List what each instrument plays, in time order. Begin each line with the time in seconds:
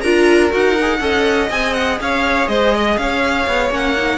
0.00 cello D4, viola F4, violin A#4 A#5
0.50 cello D#4, viola F#4, violin F#5
0.81 viola G#4
0.99 cello C#4, viola A4, violin D#5
1.49 cello C4, viola G#4, violin G#5
1.73 violin F#5
2.00 cello C#4, violin C#5 F5
2.47 cello G#3, violin C5 D#5
2.74 violin D#5
2.97 cello C#4, violin C#5 F5
3.47 cello B3
3.70 cello A#3, viola C#4, violin F#5
3.96 viola D#4